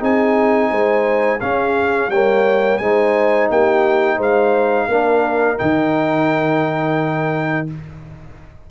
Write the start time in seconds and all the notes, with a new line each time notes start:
0.00 C4 D#4 G#4 G#5
0.71 G#3 C5
1.41 C#4 G#4 F5
2.09 G3 A#3 C#5 G5
2.78 G#3 D#4 C5 G#5
3.50 A#3 G4 G5
4.16 G#3 C5 F5
4.89 A#3 D4 A#4
5.58 D#3 D#4 G5